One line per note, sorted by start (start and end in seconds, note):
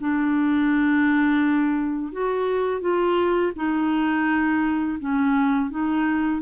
0.00 2.12 D4
2.12 2.81 F#4
2.81 3.52 F4
3.56 4.99 D#4
4.99 5.70 C#4
5.70 6.42 D#4